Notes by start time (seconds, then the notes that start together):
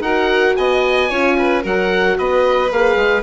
0.00 D#4 F#4 A#4 F#5
0.55 B3 D#5 G#5
1.09 C#4 F4 C#5
1.38 B4
1.62 F#3 F#4 A#4 F#5
2.18 B3 B4 D#5
2.71 A#3 G#4 F5
2.95 G#3